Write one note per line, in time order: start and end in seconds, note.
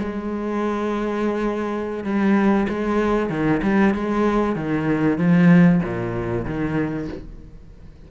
0.00 2.04 G#3
2.04 2.68 G3
2.69 3.30 G#3
3.30 3.61 D#3
3.63 3.94 G3
3.94 4.56 G#3
4.56 5.18 D#3
5.18 5.81 F3
5.83 6.45 A#2
6.45 7.09 D#3